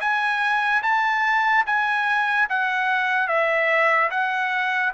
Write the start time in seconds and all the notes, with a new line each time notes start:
0.00 G#5
0.83 A5
1.66 G#5
2.49 F#5
3.28 E5
4.11 F#5